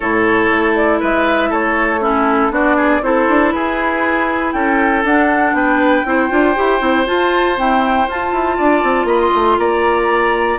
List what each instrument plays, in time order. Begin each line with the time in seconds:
0.00 bassoon A2, clarinet E4, oboe A4, flute C#5
0.50 bassoon A3
0.75 flute D5
0.99 bassoon G#3, oboe B4, flute E5
1.49 bassoon A3, oboe A4, flute C#5
2.01 clarinet C#4, oboe E4, flute A4
2.50 bassoon B3, clarinet D4, oboe F#4, flute D5
2.76 oboe G#4
3.02 bassoon C4, clarinet E4, oboe A4, flute C5
3.28 bassoon D4
3.51 bassoon E4, oboe G#4, flute B4
4.52 bassoon C#4, oboe A4, flute G5
5.04 bassoon D4, clarinet D4, flute F#5
5.53 bassoon B3, oboe B4, flute G5
6.05 bassoon C4, clarinet E4, oboe C5
6.29 bassoon D4, clarinet F4
6.55 bassoon E4, clarinet G4
6.79 bassoon C4, clarinet E4
7.06 clarinet F4, bassoon F4, flute A5
7.55 clarinet C4, bassoon E4, flute G5
8.08 bassoon F4, clarinet F4, flute A5
8.32 bassoon E4
8.57 bassoon D4, oboe D5
8.83 bassoon C4
9.04 bassoon A#3, oboe D#5, flute B5
9.21 flute C6
9.34 bassoon A3
9.58 bassoon A#3, oboe D5, flute A#5